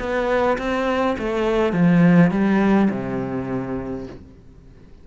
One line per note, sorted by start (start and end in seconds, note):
0.00 0.58 B3
0.59 1.17 C4
1.19 1.73 A3
1.73 2.31 F3
2.31 2.89 G3
2.91 4.07 C3